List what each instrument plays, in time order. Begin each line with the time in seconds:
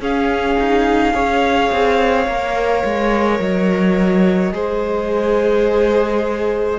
0.00 viola C#4, cello C#4, violin G#4 F5
0.60 cello D#4
1.13 cello C#4, viola G#4, violin C#5
1.72 cello C4
2.27 cello A#3, viola A#4
2.84 cello G#3
3.40 cello F#3, violin D#5
4.53 cello G#3, viola G#4, violin C5